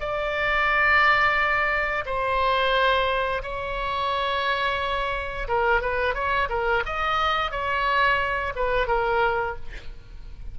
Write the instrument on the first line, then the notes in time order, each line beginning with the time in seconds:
oboe
0.00 D5
2.06 C5
3.43 C#5
5.48 A#4
5.81 B4
6.15 C#5
6.50 A#4
6.86 D#5
7.51 C#5
8.56 B4
8.88 A#4